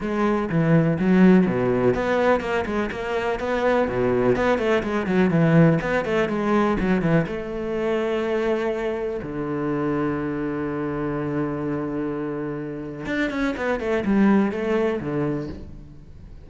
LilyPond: \new Staff \with { instrumentName = "cello" } { \time 4/4 \tempo 4 = 124 gis4 e4 fis4 b,4 | b4 ais8 gis8 ais4 b4 | b,4 b8 a8 gis8 fis8 e4 | b8 a8 gis4 fis8 e8 a4~ |
a2. d4~ | d1~ | d2. d'8 cis'8 | b8 a8 g4 a4 d4 | }